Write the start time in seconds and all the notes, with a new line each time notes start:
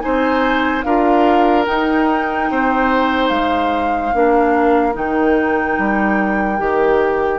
0.00 C4 D#4 C5 G#5
0.83 D4 F4 A#4 F5
1.65 D#4 G5
2.50 C4 C5
3.29 G#3 F5
4.14 A#3 D4 A#4
4.93 D#3 D#4 G5
5.78 G3
6.58 D#3 G4